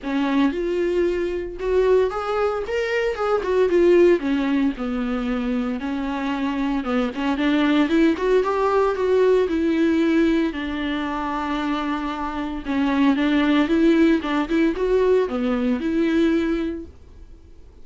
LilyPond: \new Staff \with { instrumentName = "viola" } { \time 4/4 \tempo 4 = 114 cis'4 f'2 fis'4 | gis'4 ais'4 gis'8 fis'8 f'4 | cis'4 b2 cis'4~ | cis'4 b8 cis'8 d'4 e'8 fis'8 |
g'4 fis'4 e'2 | d'1 | cis'4 d'4 e'4 d'8 e'8 | fis'4 b4 e'2 | }